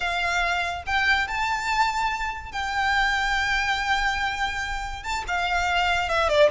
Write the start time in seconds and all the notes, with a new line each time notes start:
0.00 F5
0.86 G5
1.27 A5
2.52 G5
5.03 A5
5.27 F5
6.08 E5
6.28 D5